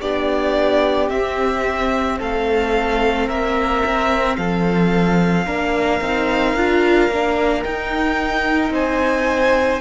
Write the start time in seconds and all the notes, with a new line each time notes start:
0.00 B3 D4 G4 D5
1.09 C4 E5
2.18 A3 A4 F5
3.27 A#3 A#4 E5
3.85 C4
4.36 F3 A4 F5
5.45 A#3 D4 A#4
6.00 C4 D#4
6.55 D4 F4
7.09 A#3 D4
7.63 D#4 G5
8.69 C4 C5 G#5